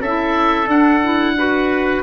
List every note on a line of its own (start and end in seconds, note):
0.00 0.66 C#4
0.00 1.34 A4
0.00 0.69 E5
0.06 0.66 E4
0.66 0.99 D4
0.66 2.00 D4
0.66 2.02 F#5
1.03 1.37 E4
1.37 2.03 F#4
1.37 2.03 B4